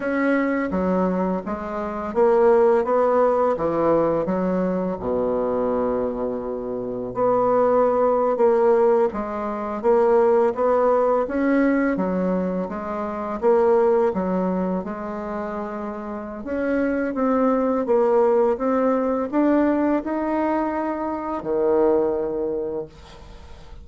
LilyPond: \new Staff \with { instrumentName = "bassoon" } { \time 4/4 \tempo 4 = 84 cis'4 fis4 gis4 ais4 | b4 e4 fis4 b,4~ | b,2 b4.~ b16 ais16~ | ais8. gis4 ais4 b4 cis'16~ |
cis'8. fis4 gis4 ais4 fis16~ | fis8. gis2~ gis16 cis'4 | c'4 ais4 c'4 d'4 | dis'2 dis2 | }